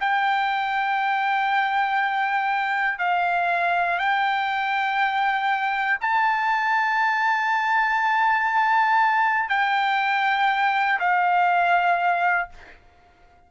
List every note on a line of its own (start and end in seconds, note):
0.00 2.98 G5
2.98 3.98 F5
3.98 5.98 G5
6.00 9.49 A5
9.49 10.99 G5
10.99 12.49 F5